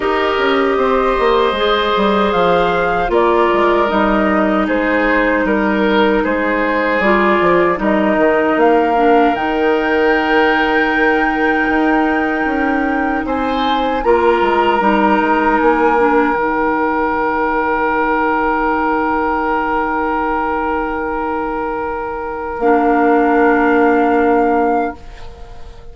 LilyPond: <<
  \new Staff \with { instrumentName = "flute" } { \time 4/4 \tempo 4 = 77 dis''2. f''4 | d''4 dis''4 c''4 ais'4 | c''4 d''4 dis''4 f''4 | g''1~ |
g''4 gis''4 ais''2 | gis''4 g''2.~ | g''1~ | g''4 f''2. | }
  \new Staff \with { instrumentName = "oboe" } { \time 4/4 ais'4 c''2. | ais'2 gis'4 ais'4 | gis'2 ais'2~ | ais'1~ |
ais'4 c''4 ais'2~ | ais'1~ | ais'1~ | ais'1 | }
  \new Staff \with { instrumentName = "clarinet" } { \time 4/4 g'2 gis'2 | f'4 dis'2.~ | dis'4 f'4 dis'4. d'8 | dis'1~ |
dis'2 f'4 dis'4~ | dis'8 d'8 dis'2.~ | dis'1~ | dis'4 d'2. | }
  \new Staff \with { instrumentName = "bassoon" } { \time 4/4 dis'8 cis'8 c'8 ais8 gis8 g8 f4 | ais8 gis8 g4 gis4 g4 | gis4 g8 f8 g8 dis8 ais4 | dis2. dis'4 |
cis'4 c'4 ais8 gis8 g8 gis8 | ais4 dis2.~ | dis1~ | dis4 ais2. | }
>>